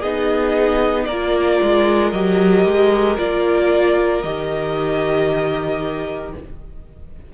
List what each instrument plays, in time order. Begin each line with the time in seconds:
0.00 cello B3, viola D#4, violin G#4 D#5
1.05 cello A#3, violin A#4 D5
1.12 viola F4
1.62 cello G#3
2.12 cello F#3, viola G4, violin D#5
2.65 cello G#3
3.18 cello A#3, viola F4, violin D5
4.23 cello D#3, viola G4, violin D#5